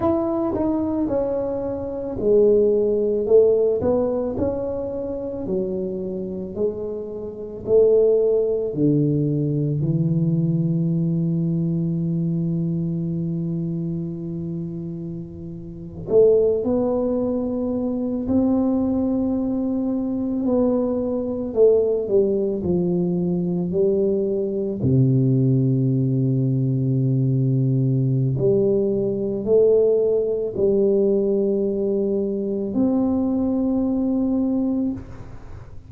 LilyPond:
\new Staff \with { instrumentName = "tuba" } { \time 4/4 \tempo 4 = 55 e'8 dis'8 cis'4 gis4 a8 b8 | cis'4 fis4 gis4 a4 | d4 e2.~ | e2~ e8. a8 b8.~ |
b8. c'2 b4 a16~ | a16 g8 f4 g4 c4~ c16~ | c2 g4 a4 | g2 c'2 | }